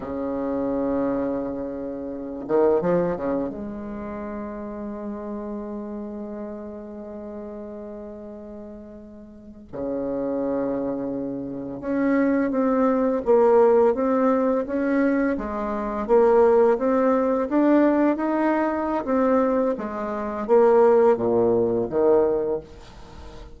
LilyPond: \new Staff \with { instrumentName = "bassoon" } { \time 4/4 \tempo 4 = 85 cis2.~ cis8 dis8 | f8 cis8 gis2.~ | gis1~ | gis4.~ gis16 cis2~ cis16~ |
cis8. cis'4 c'4 ais4 c'16~ | c'8. cis'4 gis4 ais4 c'16~ | c'8. d'4 dis'4~ dis'16 c'4 | gis4 ais4 ais,4 dis4 | }